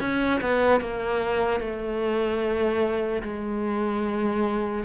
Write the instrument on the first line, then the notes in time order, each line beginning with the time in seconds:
cello
0.00 C#4
0.41 B3
0.80 A#3
1.60 A3
3.22 G#3